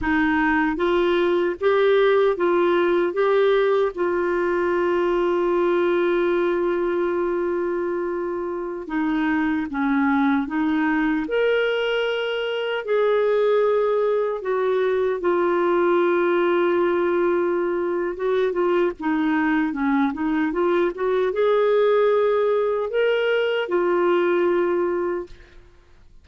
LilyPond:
\new Staff \with { instrumentName = "clarinet" } { \time 4/4 \tempo 4 = 76 dis'4 f'4 g'4 f'4 | g'4 f'2.~ | f'2.~ f'16 dis'8.~ | dis'16 cis'4 dis'4 ais'4.~ ais'16~ |
ais'16 gis'2 fis'4 f'8.~ | f'2. fis'8 f'8 | dis'4 cis'8 dis'8 f'8 fis'8 gis'4~ | gis'4 ais'4 f'2 | }